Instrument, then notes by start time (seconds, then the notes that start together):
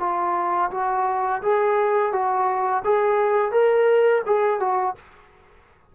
trombone
0.00 F4
0.71 F#4
1.42 G#4
2.12 F#4
2.85 G#4
3.52 A#4
4.26 G#4
4.60 F#4